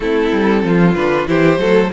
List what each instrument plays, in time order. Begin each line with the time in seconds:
0.00 cello A3, viola C4, violin E4 A4
0.32 cello G3
0.63 cello F3, violin F4
0.95 cello D3, viola D4, violin B4
1.26 cello E3, viola E4, violin G4 C5
1.57 cello F#3, viola A3, violin A4